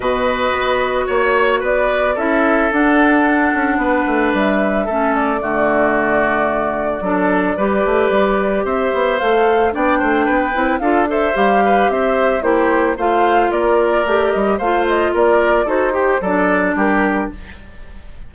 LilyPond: <<
  \new Staff \with { instrumentName = "flute" } { \time 4/4 \tempo 4 = 111 dis''2 cis''4 d''4 | e''4 fis''2. | e''4. d''2~ d''8~ | d''1 |
e''4 f''4 g''2 | f''8 e''8 f''4 e''4 c''4 | f''4 d''4. dis''8 f''8 dis''8 | d''4 c''4 d''4 ais'4 | }
  \new Staff \with { instrumentName = "oboe" } { \time 4/4 b'2 cis''4 b'4 | a'2. b'4~ | b'4 a'4 fis'2~ | fis'4 a'4 b'2 |
c''2 d''8 c''8 b'4 | a'8 c''4 b'8 c''4 g'4 | c''4 ais'2 c''4 | ais'4 a'8 g'8 a'4 g'4 | }
  \new Staff \with { instrumentName = "clarinet" } { \time 4/4 fis'1 | e'4 d'2.~ | d'4 cis'4 a2~ | a4 d'4 g'2~ |
g'4 a'4 d'4. e'8 | f'8 a'8 g'2 e'4 | f'2 g'4 f'4~ | f'4 fis'8 g'8 d'2 | }
  \new Staff \with { instrumentName = "bassoon" } { \time 4/4 b,4 b4 ais4 b4 | cis'4 d'4. cis'8 b8 a8 | g4 a4 d2~ | d4 fis4 g8 a8 g4 |
c'8 b8 a4 b8 a8 b8 c'8 | d'4 g4 c'4 ais4 | a4 ais4 a8 g8 a4 | ais4 dis'4 fis4 g4 | }
>>